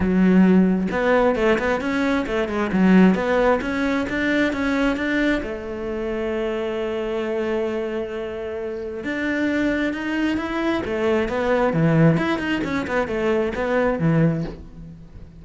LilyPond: \new Staff \with { instrumentName = "cello" } { \time 4/4 \tempo 4 = 133 fis2 b4 a8 b8 | cis'4 a8 gis8 fis4 b4 | cis'4 d'4 cis'4 d'4 | a1~ |
a1 | d'2 dis'4 e'4 | a4 b4 e4 e'8 dis'8 | cis'8 b8 a4 b4 e4 | }